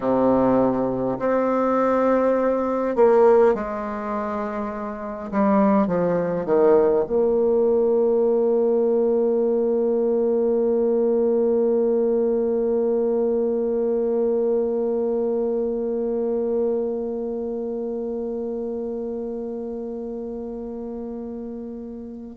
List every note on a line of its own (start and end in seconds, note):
0.00 1.18 C3
1.19 2.95 C4
2.95 3.54 A#3
3.54 5.30 G#3
5.30 5.87 G3
5.87 6.45 F3
6.45 7.04 D#3
7.06 22.36 A#3